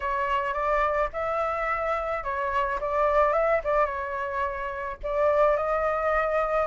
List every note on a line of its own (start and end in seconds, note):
0.00 0.53 C#5
0.53 1.09 D5
1.12 2.23 E5
2.23 2.79 C#5
2.80 3.33 D5
3.33 3.60 E5
3.63 3.85 D5
3.85 4.96 C#5
5.03 5.56 D5
5.56 6.66 D#5